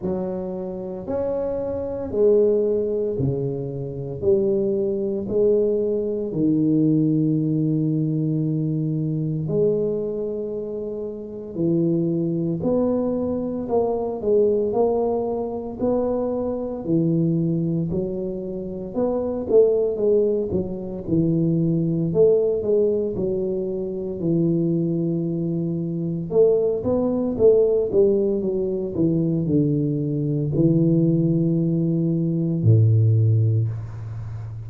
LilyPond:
\new Staff \with { instrumentName = "tuba" } { \time 4/4 \tempo 4 = 57 fis4 cis'4 gis4 cis4 | g4 gis4 dis2~ | dis4 gis2 e4 | b4 ais8 gis8 ais4 b4 |
e4 fis4 b8 a8 gis8 fis8 | e4 a8 gis8 fis4 e4~ | e4 a8 b8 a8 g8 fis8 e8 | d4 e2 a,4 | }